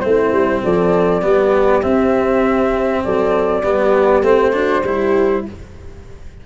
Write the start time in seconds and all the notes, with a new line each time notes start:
0.00 A3 C4 E4 C5
0.32 G3
0.63 F3 A4 D5
1.22 G3 B3 G4
1.82 C4 E5
3.04 F#3 A4 D5
3.63 G3 B3 G4
4.22 A3 C4 C5
4.53 D4 F#4
4.83 G3 E4 G4